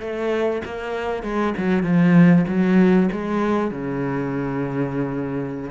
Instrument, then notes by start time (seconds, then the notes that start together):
cello
0.00 A3
0.65 A#3
1.23 G#3
1.57 F#3
1.83 F3
2.48 F#3
3.12 G#3
3.71 C#3